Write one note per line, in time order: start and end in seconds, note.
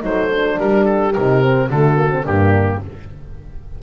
0.00 0.58 F#3
0.00 0.28 D#4
0.00 0.57 A4
0.00 0.59 C5
0.30 1.14 D4
0.57 1.16 G3
0.57 1.69 G4
0.57 0.85 A#4
0.85 1.13 A4
1.13 1.69 C3
1.13 1.42 D#4
1.13 1.69 A#4
1.42 1.70 C4
1.69 2.25 D3
1.69 1.96 A3
1.69 2.23 F#4
1.69 2.26 A4
1.96 2.10 A#3
2.10 2.24 C4
2.23 2.82 G2
2.23 2.81 A#3
2.23 2.79 D4
2.23 2.82 G4